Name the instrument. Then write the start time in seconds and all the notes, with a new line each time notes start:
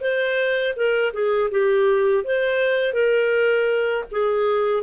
clarinet
0.00 C5
0.75 A#4
1.13 G#4
1.51 G4
2.24 C5
2.93 A#4
4.11 G#4